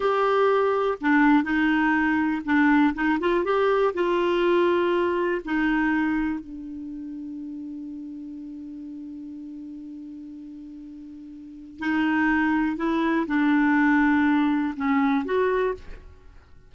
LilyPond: \new Staff \with { instrumentName = "clarinet" } { \time 4/4 \tempo 4 = 122 g'2 d'4 dis'4~ | dis'4 d'4 dis'8 f'8 g'4 | f'2. dis'4~ | dis'4 d'2.~ |
d'1~ | d'1 | dis'2 e'4 d'4~ | d'2 cis'4 fis'4 | }